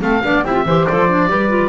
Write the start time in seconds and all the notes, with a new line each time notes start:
0.00 A3 C4 A4 F5
0.23 B3 D4 D5
0.44 C4 E4 G4 E5
0.53 F4
0.65 E3 G4 C5
0.86 F3 A4 D5
1.09 D4
1.28 G3 G4 B4
1.49 F4